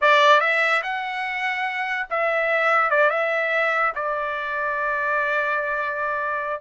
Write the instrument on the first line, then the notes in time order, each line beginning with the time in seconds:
trumpet
0.01 D5
0.40 E5
0.82 F#5
2.10 E5
2.90 D5
3.10 E5
3.95 D5